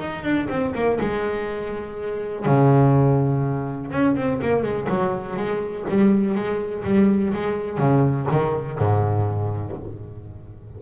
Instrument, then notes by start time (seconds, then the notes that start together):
double bass
0.00 D#4
0.24 D4
0.49 C4
0.75 A#3
1.01 G#3
2.46 C#3
3.92 C#4
4.16 C4
4.42 A#3
4.63 G#3
4.89 F#3
5.37 G#3
5.89 G3
6.35 G#3
6.85 G3
7.34 G#3
7.78 C#3
8.31 D#3
8.79 G#2